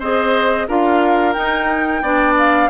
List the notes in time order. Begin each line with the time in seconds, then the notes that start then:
0.00 C4 G#4 C5 D#5
0.69 D4 F4 A#4 F5
1.34 D#4 G5
2.03 B3 D4 D5
2.39 F5